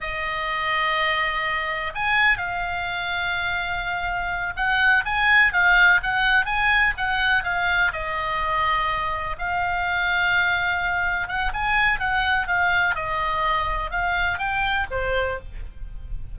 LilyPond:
\new Staff \with { instrumentName = "oboe" } { \time 4/4 \tempo 4 = 125 dis''1 | gis''4 f''2.~ | f''4. fis''4 gis''4 f''8~ | f''8 fis''4 gis''4 fis''4 f''8~ |
f''8 dis''2. f''8~ | f''2.~ f''8 fis''8 | gis''4 fis''4 f''4 dis''4~ | dis''4 f''4 g''4 c''4 | }